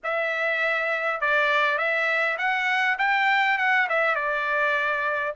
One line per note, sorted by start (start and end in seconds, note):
0.03 1.20 E5
1.20 1.77 D5
1.77 2.37 E5
2.38 2.97 F#5
2.98 3.58 G5
3.58 3.87 F#5
3.89 4.15 E5
4.15 5.34 D5